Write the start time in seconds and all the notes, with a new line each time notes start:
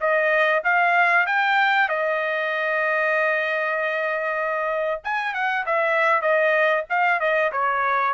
0.00 D#5
0.64 F5
1.26 G5
1.88 D#5
5.04 G#5
5.34 F#5
5.66 E5
6.21 D#5
6.89 F5
7.20 D#5
7.52 C#5